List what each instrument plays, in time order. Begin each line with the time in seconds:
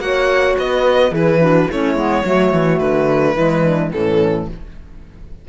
0.00 cello A#3, clarinet F#4, horn C#5, violin F#5
0.59 cello B3, horn B4, violin D#5
1.11 cello E3, clarinet E4, horn G#4, violin B4
1.40 clarinet D4, horn F#4
1.69 cello A3, clarinet C#4, horn E4, violin C#5
1.95 cello G#3, clarinet B3
2.25 cello F#3, clarinet A3, horn F#4
2.53 cello E3
2.79 cello D3, violin B4
3.35 cello E3, clarinet G#3, horn E4
3.65 horn D4
3.91 cello A2, clarinet E3, horn C#4, violin A4